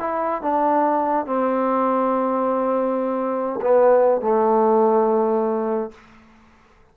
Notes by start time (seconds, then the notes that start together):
0.00 E4
0.43 D4
1.26 C4
3.62 B3
4.21 A3